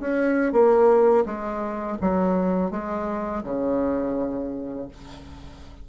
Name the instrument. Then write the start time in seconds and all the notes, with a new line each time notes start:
bassoon
0.00 C#4
0.52 A#3
1.26 G#3
2.01 F#3
2.71 G#3
3.44 C#3